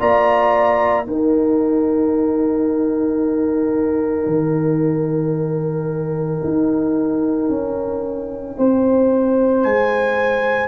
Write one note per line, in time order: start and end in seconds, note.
0.00 1.07 A#3
0.00 1.05 F4
0.00 1.08 D5
0.00 1.07 A#5
1.05 10.69 D#4
1.05 4.27 D#4
1.05 8.57 A#4
1.05 9.63 G5
4.27 6.41 D#3
6.44 7.49 D#4
7.49 8.56 C#4
8.57 9.65 C4
8.57 10.69 C5
9.63 10.69 G#3
9.63 10.69 G#5